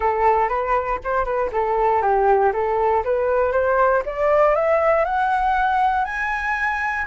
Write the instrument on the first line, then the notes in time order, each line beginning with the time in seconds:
flute
0.00 A4
0.48 B4
1.03 C5
1.25 B4
1.51 A4
2.01 G4
2.53 A4
3.04 B4
3.52 C5
4.05 D5
4.55 E5
5.04 F#5
6.04 G#5